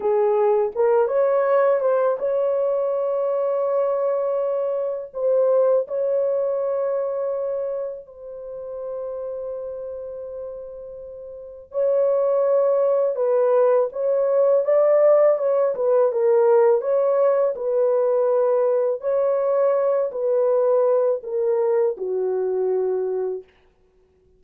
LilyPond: \new Staff \with { instrumentName = "horn" } { \time 4/4 \tempo 4 = 82 gis'4 ais'8 cis''4 c''8 cis''4~ | cis''2. c''4 | cis''2. c''4~ | c''1 |
cis''2 b'4 cis''4 | d''4 cis''8 b'8 ais'4 cis''4 | b'2 cis''4. b'8~ | b'4 ais'4 fis'2 | }